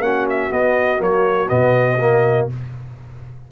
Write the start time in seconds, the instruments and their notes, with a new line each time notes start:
0.00 tuba A#3, trombone C#4, horn F#4, trumpet F#5
0.29 trumpet E5
0.51 trombone B3, tuba B3, trumpet D#5
0.98 tuba F#3, trombone A#3, trumpet C#5
1.49 tuba B2, trombone B3, trumpet D#5
2.00 trombone A#3